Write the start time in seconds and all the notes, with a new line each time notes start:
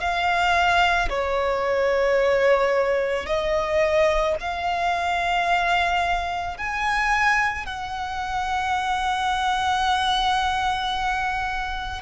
0.00 F5
1.10 C#5
3.26 D#5
4.40 F5
6.58 G#5
7.66 F#5